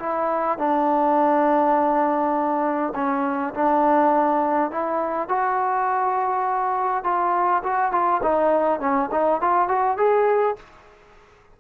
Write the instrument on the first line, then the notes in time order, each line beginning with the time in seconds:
trombone
0.00 E4
0.59 D4
2.96 C#4
3.55 D4
4.72 E4
5.29 F#4
7.05 F4
7.64 F#4
7.92 F4
8.23 D#4
8.80 C#4
9.12 D#4
9.41 F4
9.69 F#4
9.98 G#4